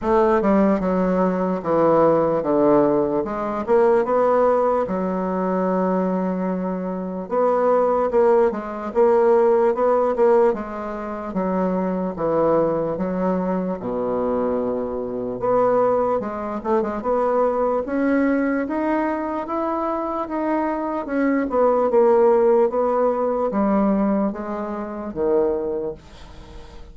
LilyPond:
\new Staff \with { instrumentName = "bassoon" } { \time 4/4 \tempo 4 = 74 a8 g8 fis4 e4 d4 | gis8 ais8 b4 fis2~ | fis4 b4 ais8 gis8 ais4 | b8 ais8 gis4 fis4 e4 |
fis4 b,2 b4 | gis8 a16 gis16 b4 cis'4 dis'4 | e'4 dis'4 cis'8 b8 ais4 | b4 g4 gis4 dis4 | }